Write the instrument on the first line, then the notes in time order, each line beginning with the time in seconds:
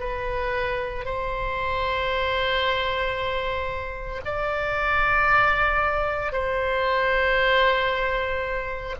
oboe
0.00 B4
1.06 C5
4.25 D5
6.33 C5